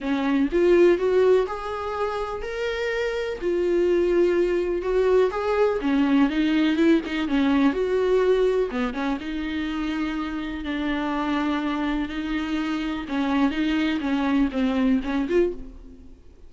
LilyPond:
\new Staff \with { instrumentName = "viola" } { \time 4/4 \tempo 4 = 124 cis'4 f'4 fis'4 gis'4~ | gis'4 ais'2 f'4~ | f'2 fis'4 gis'4 | cis'4 dis'4 e'8 dis'8 cis'4 |
fis'2 b8 cis'8 dis'4~ | dis'2 d'2~ | d'4 dis'2 cis'4 | dis'4 cis'4 c'4 cis'8 f'8 | }